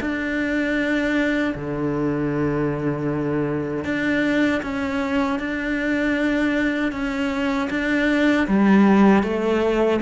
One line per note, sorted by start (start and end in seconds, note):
0.00 1.54 D4
1.55 3.84 D3
3.84 4.61 D4
4.62 5.39 C#4
5.39 6.92 D4
6.92 7.69 C#4
7.70 8.47 D4
8.47 9.23 G3
9.23 10.00 A3